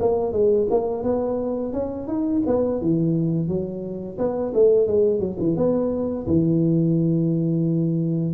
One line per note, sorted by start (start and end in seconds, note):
0.00 0.32 A#3
0.32 0.67 G#3
0.70 1.03 A#3
1.03 1.73 B3
1.73 2.08 C#4
2.08 2.43 D#4
2.47 2.81 B3
2.81 3.48 E3
3.48 4.18 F#3
4.18 4.53 B3
4.54 4.87 A3
4.87 5.19 G#3
5.19 5.37 F#3
5.39 5.57 E3
5.57 6.26 B3
6.27 8.34 E3